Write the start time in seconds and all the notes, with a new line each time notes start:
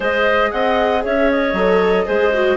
0.00 G#3 G#4 C5 D#5
0.51 C4 D#5 F#5
1.03 C#4 C#5 E5
1.30 D#5
1.53 F#3 A4
2.05 G#3 G#4 C5
2.34 F#4